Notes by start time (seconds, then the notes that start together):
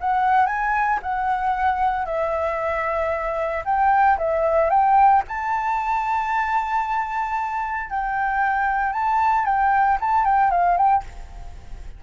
0.00 F#5
0.46 G#5
1.02 F#5
2.06 E5
3.65 G5
4.18 E5
4.70 G5
5.28 A5
7.90 G5
8.93 A5
9.45 G5
10.00 A5
10.24 G5
10.50 F5
10.77 G5